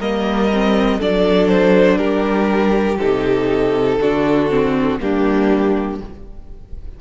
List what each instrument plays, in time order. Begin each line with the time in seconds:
0.00 cello G3, viola A#3, violin A#4 D#5
0.54 viola C4
0.99 cello F#3, viola D4, violin A4 D5
1.49 violin C5
1.98 cello G3, violin G4 A#4
2.99 cello C3, viola D#4, violin A4
3.99 cello D3, viola D4, violin F#4
4.50 viola C4
5.00 cello G3, viola A#3, violin D4 G4